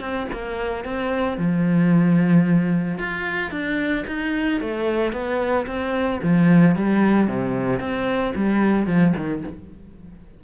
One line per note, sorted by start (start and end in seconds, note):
0.00 0.27 C4
0.32 0.84 A#3
0.84 1.37 C4
1.37 2.98 F3
2.98 3.51 F4
3.51 4.04 D4
4.07 4.60 D#4
4.60 5.12 A3
5.12 5.66 B3
5.66 6.20 C4
6.23 6.75 F3
6.75 7.27 G3
7.27 7.80 C3
7.80 8.33 C4
8.35 8.86 G3
8.86 9.13 F3
9.16 9.43 D#3